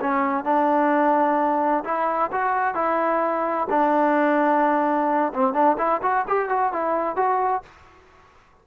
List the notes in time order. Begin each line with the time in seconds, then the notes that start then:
0.00 C#4
0.44 D4
1.84 E4
2.32 F#4
2.74 E4
3.69 D4
5.33 C4
5.53 D4
5.78 E4
6.02 F#4
6.28 G4
6.49 F#4
6.73 E4
7.16 F#4